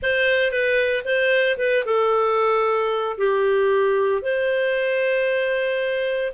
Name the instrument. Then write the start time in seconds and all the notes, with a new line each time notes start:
clarinet
0.02 C5
0.51 B4
1.04 C5
1.57 B4
1.85 A4
3.17 G4
4.22 C5